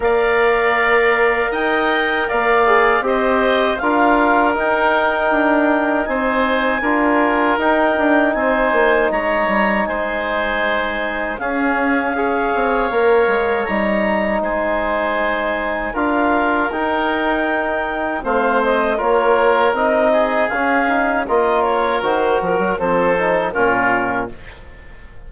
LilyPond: <<
  \new Staff \with { instrumentName = "clarinet" } { \time 4/4 \tempo 4 = 79 f''2 g''4 f''4 | dis''4 f''4 g''2 | gis''2 g''4 gis''4 | ais''4 gis''2 f''4~ |
f''2 ais''4 gis''4~ | gis''4 f''4 g''2 | f''8 dis''8 cis''4 dis''4 f''4 | dis''8 cis''8 c''8 ais'8 c''4 ais'4 | }
  \new Staff \with { instrumentName = "oboe" } { \time 4/4 d''2 dis''4 d''4 | c''4 ais'2. | c''4 ais'2 c''4 | cis''4 c''2 gis'4 |
cis''2. c''4~ | c''4 ais'2. | c''4 ais'4. gis'4. | ais'2 a'4 f'4 | }
  \new Staff \with { instrumentName = "trombone" } { \time 4/4 ais'2.~ ais'8 gis'8 | g'4 f'4 dis'2~ | dis'4 f'4 dis'2~ | dis'2. cis'4 |
gis'4 ais'4 dis'2~ | dis'4 f'4 dis'2 | c'4 f'4 dis'4 cis'8 dis'8 | f'4 fis'4 c'8 dis'8 cis'4 | }
  \new Staff \with { instrumentName = "bassoon" } { \time 4/4 ais2 dis'4 ais4 | c'4 d'4 dis'4 d'4 | c'4 d'4 dis'8 d'8 c'8 ais8 | gis8 g8 gis2 cis'4~ |
cis'8 c'8 ais8 gis8 g4 gis4~ | gis4 d'4 dis'2 | a4 ais4 c'4 cis'4 | ais4 dis8 f16 fis16 f4 ais,4 | }
>>